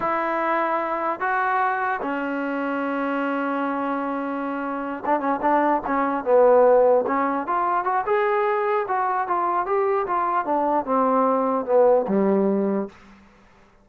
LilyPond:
\new Staff \with { instrumentName = "trombone" } { \time 4/4 \tempo 4 = 149 e'2. fis'4~ | fis'4 cis'2.~ | cis'1~ | cis'8 d'8 cis'8 d'4 cis'4 b8~ |
b4. cis'4 f'4 fis'8 | gis'2 fis'4 f'4 | g'4 f'4 d'4 c'4~ | c'4 b4 g2 | }